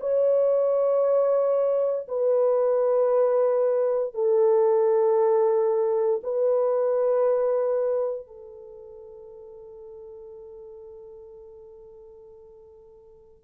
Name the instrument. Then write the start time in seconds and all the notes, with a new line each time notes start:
horn
0.00 C#5
2.08 B4
4.14 A4
6.23 B4
8.27 A4